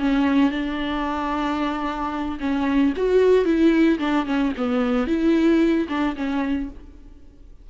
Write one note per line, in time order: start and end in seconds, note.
0.00 0.51 C#4
0.51 2.39 D4
2.40 2.94 C#4
2.97 3.46 F#4
3.46 3.99 E4
3.99 4.26 D4
4.26 4.53 C#4
4.57 5.07 B3
5.07 5.88 E4
5.89 6.16 D4
6.17 6.70 C#4